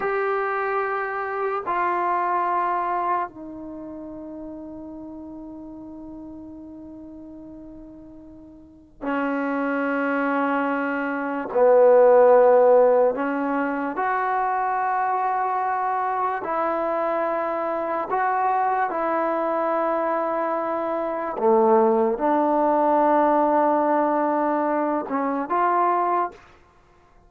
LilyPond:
\new Staff \with { instrumentName = "trombone" } { \time 4/4 \tempo 4 = 73 g'2 f'2 | dis'1~ | dis'2. cis'4~ | cis'2 b2 |
cis'4 fis'2. | e'2 fis'4 e'4~ | e'2 a4 d'4~ | d'2~ d'8 cis'8 f'4 | }